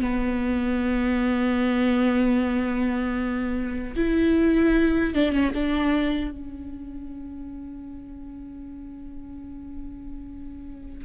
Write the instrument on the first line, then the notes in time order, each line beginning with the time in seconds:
viola
0.00 B3
3.95 E4
5.14 D4
5.31 C#4
5.54 D4
6.31 C#4